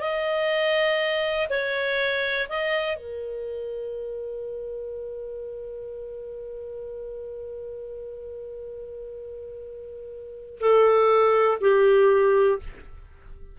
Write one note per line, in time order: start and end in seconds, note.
0.00 1.48 D#5
1.50 2.48 C#5
2.49 2.96 D#5
2.96 10.59 A#4
10.60 11.58 A4
11.61 12.59 G4